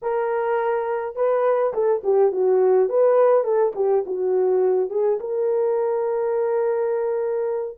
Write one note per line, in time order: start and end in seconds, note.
0.02 1.15 A#4
1.15 1.73 B4
1.73 2.02 A4
2.03 2.32 G4
2.32 2.89 F#4
2.89 3.44 B4
3.44 3.72 A4
3.75 4.04 G4
4.06 4.90 F#4
4.90 5.18 G#4
5.19 7.77 A#4